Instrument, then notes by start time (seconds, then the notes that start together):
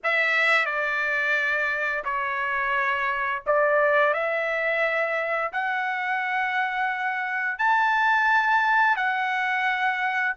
trumpet
0.03 E5
0.65 D5
2.04 C#5
3.46 D5
4.13 E5
5.52 F#5
7.58 A5
8.96 F#5